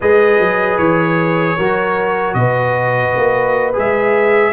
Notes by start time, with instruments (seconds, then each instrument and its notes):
0.00 tuba G#3, trombone G#4, horn B4, trumpet D#5
0.39 tuba F#3
0.78 tuba E3, trumpet C#5
1.57 tuba F#3, trombone F#4, horn A#4
2.34 tuba B2, horn B4, trumpet D#5
3.16 tuba A#3
3.73 tuba G#3, trombone G#4, trumpet E5